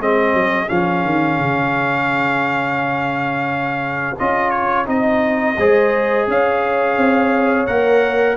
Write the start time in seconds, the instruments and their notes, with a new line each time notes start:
0.00 tuba G#3, trombone C4, horn G#4, trumpet D#5
0.34 tuba F#3
0.67 tuba F3, trombone C#4, trumpet F5
1.05 tuba D#3
1.39 tuba C#3
4.18 tuba C#4, trombone F4, trumpet D#5
4.50 trumpet C#5
4.85 tuba C4, trombone D#4, trumpet D#5
5.57 tuba G#3, trombone G#4, horn C5
6.27 tuba C#4, horn C#5, trumpet F5
6.97 tuba C4
7.66 tuba A#3, trombone A#4, trumpet F#5